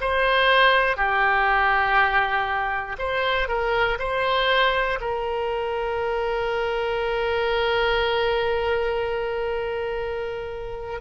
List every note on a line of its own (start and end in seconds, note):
0.00 0.96 C5
0.96 2.96 G4
2.98 3.48 C5
3.48 3.98 A#4
3.99 4.99 C5
5.00 11.00 A#4